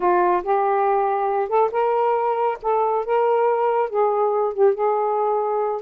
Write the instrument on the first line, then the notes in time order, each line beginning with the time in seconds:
saxophone
0.00 F4
0.43 G4
1.48 A4
1.71 A#4
2.62 A4
3.05 A#4
3.89 G#4
4.53 G4
4.74 G#4